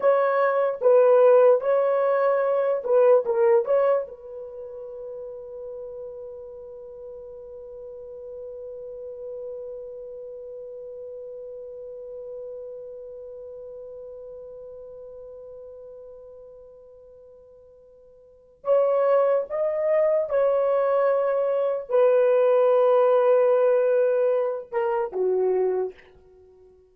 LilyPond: \new Staff \with { instrumentName = "horn" } { \time 4/4 \tempo 4 = 74 cis''4 b'4 cis''4. b'8 | ais'8 cis''8 b'2.~ | b'1~ | b'1~ |
b'1~ | b'2. cis''4 | dis''4 cis''2 b'4~ | b'2~ b'8 ais'8 fis'4 | }